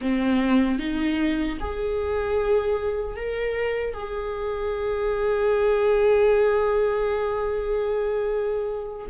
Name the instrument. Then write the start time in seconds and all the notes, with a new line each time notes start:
viola
0.01 C4
0.79 D#4
1.60 G#4
3.16 A#4
3.93 G#4